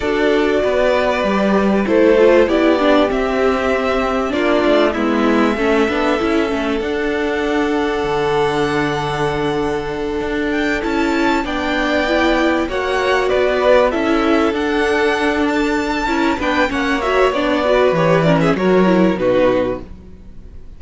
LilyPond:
<<
  \new Staff \with { instrumentName = "violin" } { \time 4/4 \tempo 4 = 97 d''2. c''4 | d''4 e''2 d''4 | e''2. fis''4~ | fis''1~ |
fis''4 g''8 a''4 g''4.~ | g''8 fis''4 d''4 e''4 fis''8~ | fis''4 a''4. g''8 fis''8 e''8 | d''4 cis''8 d''16 e''16 cis''4 b'4 | }
  \new Staff \with { instrumentName = "violin" } { \time 4/4 a'4 b'2 a'4 | g'2. f'4 | e'4 a'2.~ | a'1~ |
a'2~ a'8 d''4.~ | d''8 cis''4 b'4 a'4.~ | a'2 ais'8 b'8 cis''4~ | cis''8 b'4 ais'16 gis'16 ais'4 fis'4 | }
  \new Staff \with { instrumentName = "viola" } { \time 4/4 fis'2 g'4 e'8 f'8 | e'8 d'8 c'2 d'4 | b4 cis'8 d'8 e'8 cis'8 d'4~ | d'1~ |
d'4. e'4 d'4 e'8~ | e'8 fis'2 e'4 d'8~ | d'2 e'8 d'8 cis'8 fis'8 | d'8 fis'8 g'8 cis'8 fis'8 e'8 dis'4 | }
  \new Staff \with { instrumentName = "cello" } { \time 4/4 d'4 b4 g4 a4 | b4 c'2 ais8 a8 | gis4 a8 b8 cis'8 a8 d'4~ | d'4 d2.~ |
d8 d'4 cis'4 b4.~ | b8 ais4 b4 cis'4 d'8~ | d'2 cis'8 b8 ais4 | b4 e4 fis4 b,4 | }
>>